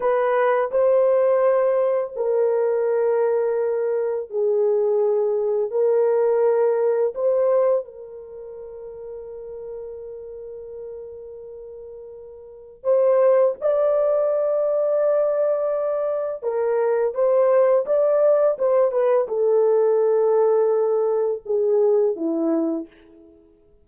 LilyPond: \new Staff \with { instrumentName = "horn" } { \time 4/4 \tempo 4 = 84 b'4 c''2 ais'4~ | ais'2 gis'2 | ais'2 c''4 ais'4~ | ais'1~ |
ais'2 c''4 d''4~ | d''2. ais'4 | c''4 d''4 c''8 b'8 a'4~ | a'2 gis'4 e'4 | }